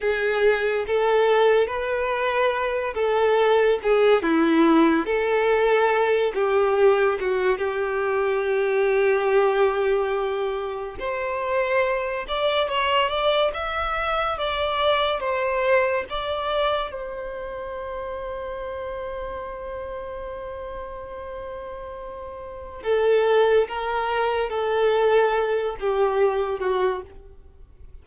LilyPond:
\new Staff \with { instrumentName = "violin" } { \time 4/4 \tempo 4 = 71 gis'4 a'4 b'4. a'8~ | a'8 gis'8 e'4 a'4. g'8~ | g'8 fis'8 g'2.~ | g'4 c''4. d''8 cis''8 d''8 |
e''4 d''4 c''4 d''4 | c''1~ | c''2. a'4 | ais'4 a'4. g'4 fis'8 | }